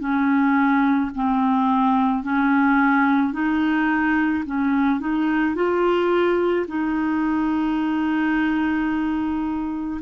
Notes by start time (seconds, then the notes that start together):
0.00 C#4
1.15 C4
2.23 C#4
3.33 D#4
4.46 C#4
5.01 D#4
5.55 F4
6.68 D#4